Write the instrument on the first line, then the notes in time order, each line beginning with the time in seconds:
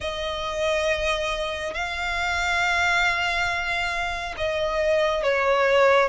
violin
0.00 D#5
1.74 F5
4.37 D#5
5.23 C#5